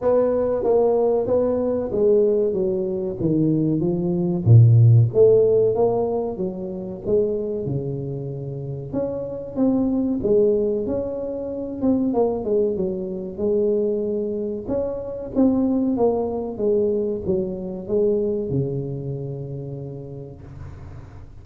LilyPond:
\new Staff \with { instrumentName = "tuba" } { \time 4/4 \tempo 4 = 94 b4 ais4 b4 gis4 | fis4 dis4 f4 ais,4 | a4 ais4 fis4 gis4 | cis2 cis'4 c'4 |
gis4 cis'4. c'8 ais8 gis8 | fis4 gis2 cis'4 | c'4 ais4 gis4 fis4 | gis4 cis2. | }